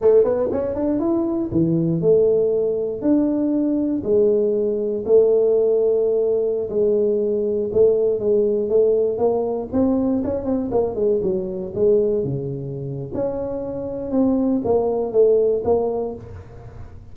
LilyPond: \new Staff \with { instrumentName = "tuba" } { \time 4/4 \tempo 4 = 119 a8 b8 cis'8 d'8 e'4 e4 | a2 d'2 | gis2 a2~ | a4~ a16 gis2 a8.~ |
a16 gis4 a4 ais4 c'8.~ | c'16 cis'8 c'8 ais8 gis8 fis4 gis8.~ | gis16 cis4.~ cis16 cis'2 | c'4 ais4 a4 ais4 | }